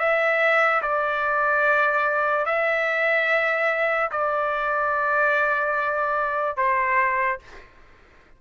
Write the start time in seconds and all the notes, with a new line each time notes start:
0.00 E5
0.83 D5
2.46 E5
4.12 D5
6.57 C5